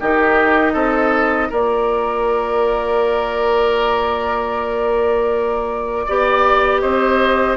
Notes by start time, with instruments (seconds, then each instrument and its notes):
0.00 bassoon D#3, clarinet D#4, oboe G4, flute D#5
0.72 bassoon C4, oboe A4
1.50 bassoon A#3, clarinet F4, oboe A#4, flute D5
6.06 bassoon B3, clarinet G4, oboe D5
6.80 bassoon C4, oboe C5, flute D#5